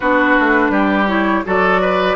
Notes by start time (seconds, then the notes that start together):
0.00 B3 D4 F#4 B4
0.39 A3
0.69 G3 G4
1.07 E4 C#5
1.45 F#3 F#4 A4 D5
1.81 B4